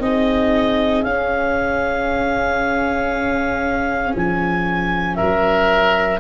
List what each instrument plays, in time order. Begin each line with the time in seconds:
0.00 tuba C4, viola D#4, oboe G#4, clarinet D#5
1.03 tuba C#4, viola C#4, clarinet F5
4.16 tuba F3, clarinet G#5
5.16 tuba F#3, oboe A#4, clarinet E5